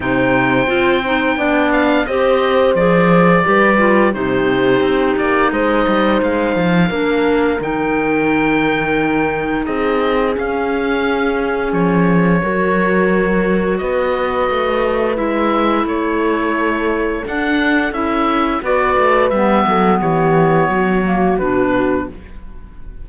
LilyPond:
<<
  \new Staff \with { instrumentName = "oboe" } { \time 4/4 \tempo 4 = 87 g''2~ g''8 f''8 dis''4 | d''2 c''4. d''8 | dis''4 f''2 g''4~ | g''2 dis''4 f''4~ |
f''4 cis''2. | dis''2 e''4 cis''4~ | cis''4 fis''4 e''4 d''4 | e''4 cis''2 b'4 | }
  \new Staff \with { instrumentName = "horn" } { \time 4/4 c''2 d''4 c''4~ | c''4 b'4 g'2 | c''2 ais'2~ | ais'2 gis'2~ |
gis'2 ais'2 | b'2. a'4~ | a'2. b'4~ | b'8 a'8 g'4 fis'2 | }
  \new Staff \with { instrumentName = "clarinet" } { \time 4/4 dis'4 f'8 dis'8 d'4 g'4 | gis'4 g'8 f'8 dis'2~ | dis'2 d'4 dis'4~ | dis'2. cis'4~ |
cis'2 fis'2~ | fis'2 e'2~ | e'4 d'4 e'4 fis'4 | b2~ b8 ais8 d'4 | }
  \new Staff \with { instrumentName = "cello" } { \time 4/4 c4 c'4 b4 c'4 | f4 g4 c4 c'8 ais8 | gis8 g8 gis8 f8 ais4 dis4~ | dis2 c'4 cis'4~ |
cis'4 f4 fis2 | b4 a4 gis4 a4~ | a4 d'4 cis'4 b8 a8 | g8 fis8 e4 fis4 b,4 | }
>>